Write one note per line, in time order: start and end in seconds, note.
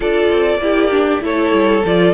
0.00 0.29 D4
0.00 0.60 F4
0.00 0.59 A4
0.00 1.23 D5
0.30 0.58 C4
0.58 1.19 A#3
0.58 0.91 E4
0.58 1.23 G4
0.91 1.20 D4
1.20 1.51 A3
1.20 1.81 E4
1.20 2.13 A4
1.20 1.85 C#5
1.52 1.83 G3
1.84 2.13 F3
1.84 2.13 F4
1.84 2.13 D5